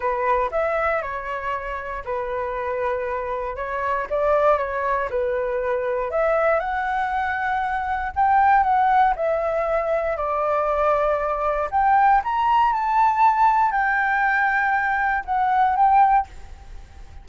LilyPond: \new Staff \with { instrumentName = "flute" } { \time 4/4 \tempo 4 = 118 b'4 e''4 cis''2 | b'2. cis''4 | d''4 cis''4 b'2 | e''4 fis''2. |
g''4 fis''4 e''2 | d''2. g''4 | ais''4 a''2 g''4~ | g''2 fis''4 g''4 | }